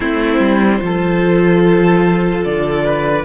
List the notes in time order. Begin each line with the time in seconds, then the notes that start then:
0.00 A3 C4 E4 C5
0.39 G3
0.79 F3 F4
0.85 A4
2.44 D3 D5
2.84 B4